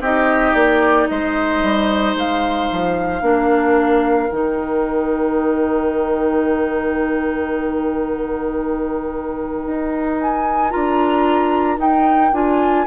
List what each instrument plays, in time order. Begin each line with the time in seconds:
0.00 bassoon C4, clarinet D#4, oboe G4, flute D#5
0.54 bassoon A#3, flute D5
1.08 bassoon G#3, oboe C5, flute D#5
1.63 bassoon G3
2.15 bassoon G#3, flute F5
2.72 bassoon F3
3.21 bassoon A#3, clarinet D4, oboe A#4
4.31 bassoon D#3, clarinet D#4, flute G5
9.67 bassoon D#4
10.21 flute G#5
10.70 bassoon D4, clarinet F4, flute A#5
11.78 clarinet D#4, bassoon D#4, flute G5
12.32 bassoon D4, clarinet F4, flute G#5